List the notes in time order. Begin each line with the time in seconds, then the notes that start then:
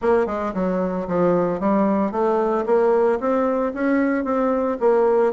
0.01 A#3
0.26 G#3
0.54 F#3
1.07 F3
1.60 G3
2.11 A3
2.65 A#3
3.20 C4
3.73 C#4
4.24 C4
4.80 A#3